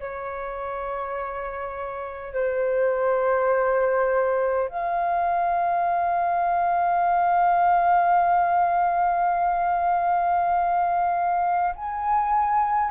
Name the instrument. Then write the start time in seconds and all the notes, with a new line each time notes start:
flute
0.00 C#5
2.34 C5
4.69 F5
11.76 G#5